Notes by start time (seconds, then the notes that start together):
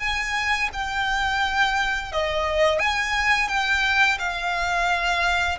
0.00 G#5
0.74 G5
2.13 D#5
2.80 G#5
3.49 G5
4.19 F5